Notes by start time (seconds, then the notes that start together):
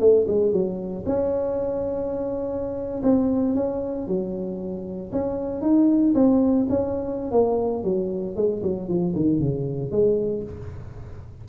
0.00 A3
0.28 G#3
0.52 F#3
1.06 C#4
3.03 C4
3.55 C#4
4.07 F#3
5.12 C#4
5.62 D#4
6.14 C4
6.69 C#4
7.31 A#3
7.84 F#3
8.36 G#3
8.63 F#3
8.88 F3
9.16 D#3
9.40 C#3
9.91 G#3